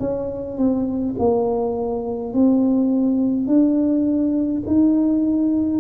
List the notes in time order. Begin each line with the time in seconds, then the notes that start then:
0.00 C#4
0.58 C4
1.19 A#3
2.33 C4
3.47 D4
4.67 D#4